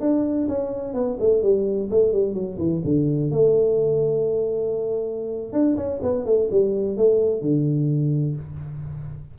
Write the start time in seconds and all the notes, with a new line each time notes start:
0.00 D4
0.48 C#4
0.93 B3
1.19 A3
1.42 G3
1.90 A3
2.12 G3
2.34 F#3
2.58 E3
2.84 D3
3.31 A3
5.52 D4
5.76 C#4
6.02 B3
6.25 A3
6.50 G3
6.97 A3
7.41 D3